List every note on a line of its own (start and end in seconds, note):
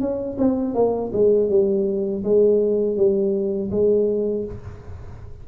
0.00 0.37 C#4
0.38 0.74 C4
0.74 1.11 A#3
1.13 1.49 G#3
1.49 2.23 G3
2.23 2.96 G#3
2.96 3.70 G3
3.70 4.45 G#3